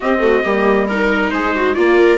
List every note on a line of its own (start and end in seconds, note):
0.00 0.19 C4
0.00 0.44 C4
0.00 0.22 G4
0.00 0.88 D#5
0.19 0.41 A3
0.19 0.43 F#4
0.43 1.32 G3
0.43 0.89 A#3
0.43 0.87 G4
0.87 1.77 D#4
0.87 1.31 A#4
0.87 1.30 A#4
1.30 1.76 G#3
1.30 1.55 G#4
1.30 1.74 C5
1.55 1.74 F#4
1.74 1.99 A#3
1.74 2.18 A#3
1.74 2.18 F4
1.74 2.18 D5
2.00 2.18 A#4